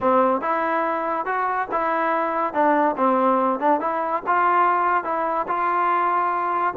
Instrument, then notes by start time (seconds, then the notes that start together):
trombone
0.00 C4
0.41 E4
1.25 F#4
1.71 E4
2.53 D4
2.97 C4
3.59 D4
3.80 E4
4.27 F4
5.04 E4
5.47 F4